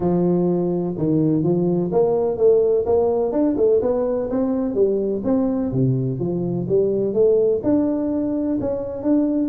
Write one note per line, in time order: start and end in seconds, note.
0.00 0.95 F3
0.97 1.43 D#3
1.43 1.90 F3
1.92 2.37 A#3
2.37 2.84 A3
2.85 3.31 A#3
3.31 3.55 D4
3.56 3.80 A3
3.81 4.29 B3
4.29 4.74 C4
4.74 5.22 G3
5.24 5.71 C4
5.72 6.19 C3
6.19 6.66 F3
6.68 7.13 G3
7.13 7.61 A3
7.63 8.58 D4
8.60 9.02 C#4
9.02 9.49 D4